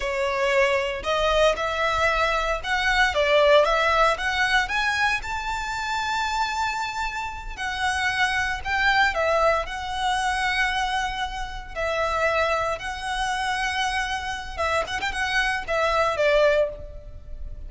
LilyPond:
\new Staff \with { instrumentName = "violin" } { \time 4/4 \tempo 4 = 115 cis''2 dis''4 e''4~ | e''4 fis''4 d''4 e''4 | fis''4 gis''4 a''2~ | a''2~ a''8 fis''4.~ |
fis''8 g''4 e''4 fis''4.~ | fis''2~ fis''8 e''4.~ | e''8 fis''2.~ fis''8 | e''8 fis''16 g''16 fis''4 e''4 d''4 | }